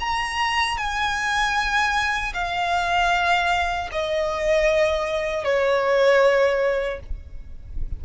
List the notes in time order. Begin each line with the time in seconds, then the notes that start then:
0.00 A#5
0.78 G#5
2.34 F5
3.92 D#5
5.44 C#5